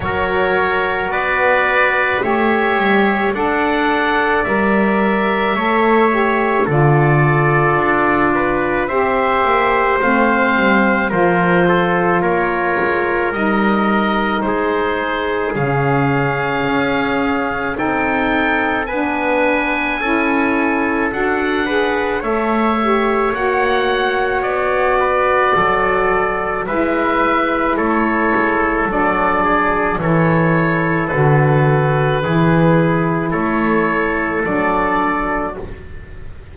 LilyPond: <<
  \new Staff \with { instrumentName = "oboe" } { \time 4/4 \tempo 4 = 54 cis''4 d''4 e''4 fis''4 | e''2 d''2 | e''4 f''4 c''4 cis''4 | dis''4 c''4 f''2 |
g''4 gis''2 fis''4 | e''4 fis''4 d''2 | e''4 cis''4 d''4 cis''4 | b'2 cis''4 d''4 | }
  \new Staff \with { instrumentName = "trumpet" } { \time 4/4 ais'4 b'4 cis''4 d''4~ | d''4 cis''4 a'4. b'8 | c''2 ais'8 a'8 ais'4~ | ais'4 gis'2. |
a'4 b'4 a'4. b'8 | cis''2~ cis''8 b'8 a'4 | b'4 a'4. gis'8 a'4~ | a'4 gis'4 a'2 | }
  \new Staff \with { instrumentName = "saxophone" } { \time 4/4 fis'2 g'4 a'4 | ais'4 a'8 g'8 f'2 | g'4 c'4 f'2 | dis'2 cis'2 |
dis'4 d'4 e'4 fis'8 gis'8 | a'8 g'8 fis'2. | e'2 d'4 e'4 | fis'4 e'2 d'4 | }
  \new Staff \with { instrumentName = "double bass" } { \time 4/4 fis4 b4 a8 g8 d'4 | g4 a4 d4 d'4 | c'8 ais8 a8 g8 f4 ais8 gis8 | g4 gis4 cis4 cis'4 |
c'4 b4 cis'4 d'4 | a4 ais4 b4 fis4 | gis4 a8 gis8 fis4 e4 | d4 e4 a4 fis4 | }
>>